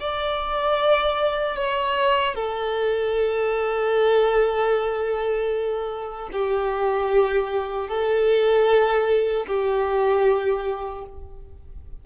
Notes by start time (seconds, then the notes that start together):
0.00 D5
1.56 C#5
2.35 A4
6.33 G4
7.89 A4
9.47 G4